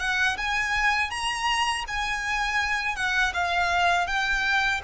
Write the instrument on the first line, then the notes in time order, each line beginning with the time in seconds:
violin
0.00 F#5
0.37 G#5
1.10 A#5
1.88 G#5
2.96 F#5
3.34 F5
4.07 G5